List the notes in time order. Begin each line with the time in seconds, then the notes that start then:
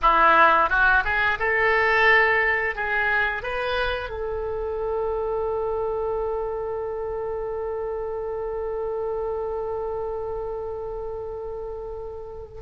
0.02 E4
0.69 F#4
1.04 G#4
1.39 A4
2.75 G#4
3.42 B4
4.09 A4